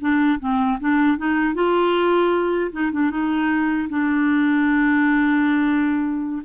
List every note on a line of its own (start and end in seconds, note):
0.00 0.39 D4
0.40 0.79 C4
0.80 1.18 D4
1.18 1.54 D#4
1.54 2.71 F4
2.72 2.91 D#4
2.92 3.10 D4
3.10 3.88 D#4
3.89 6.42 D4